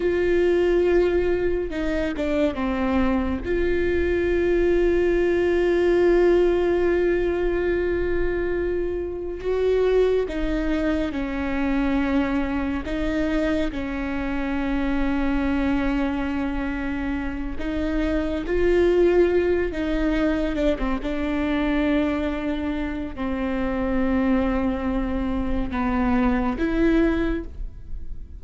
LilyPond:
\new Staff \with { instrumentName = "viola" } { \time 4/4 \tempo 4 = 70 f'2 dis'8 d'8 c'4 | f'1~ | f'2. fis'4 | dis'4 cis'2 dis'4 |
cis'1~ | cis'8 dis'4 f'4. dis'4 | d'16 c'16 d'2~ d'8 c'4~ | c'2 b4 e'4 | }